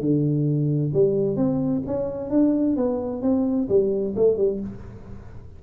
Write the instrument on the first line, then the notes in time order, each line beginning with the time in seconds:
tuba
0.00 D3
0.93 G3
1.36 C4
1.87 C#4
2.30 D4
2.76 B3
3.22 C4
3.68 G3
4.16 A3
4.37 G3